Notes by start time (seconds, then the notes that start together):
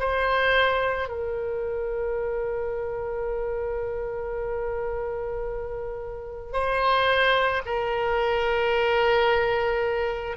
0.00 C5
1.09 A#4
6.53 C5
7.66 A#4